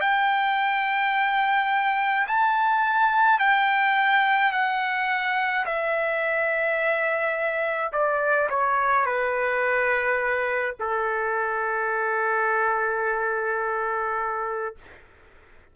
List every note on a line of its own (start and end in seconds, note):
0.00 2.26 G5
2.27 3.39 A5
3.39 4.51 G5
4.51 5.64 F#5
5.65 7.91 E5
7.92 8.49 D5
8.50 9.05 C#5
9.05 10.75 B4
10.79 14.75 A4